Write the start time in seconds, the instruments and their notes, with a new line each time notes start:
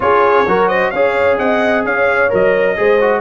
0.00 tuba C#4, trombone F4, horn G#4, trumpet C#5
0.46 tuba F#3, trombone F#4, horn A#4
0.68 horn C5, trumpet D#5
0.90 tuba C#4, trombone G#4, horn C#5, trumpet F5
1.38 tuba C4, horn D#5, trumpet F#5
1.84 tuba C#4, horn C#5, trumpet F5
2.29 tuba F#3, trombone A#4, trumpet D#5
2.76 tuba G#3, trombone G#4, horn C5
3.00 trombone F#4